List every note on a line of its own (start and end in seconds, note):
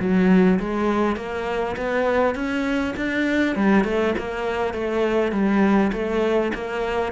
0.00 0.59 F#3
0.60 1.17 G#3
1.17 1.76 A#3
1.77 2.35 B3
2.35 2.95 C#4
2.97 3.56 D4
3.56 3.85 G3
3.85 4.14 A3
4.19 4.74 A#3
4.74 5.32 A3
5.32 5.92 G3
5.93 6.52 A3
6.54 7.12 A#3